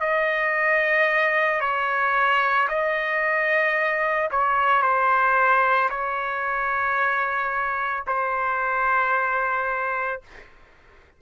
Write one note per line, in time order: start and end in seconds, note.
0.00 1.60 D#5
1.60 2.67 C#5
2.68 4.29 D#5
4.31 4.82 C#5
4.82 5.89 C5
5.89 8.04 C#5
8.07 10.21 C5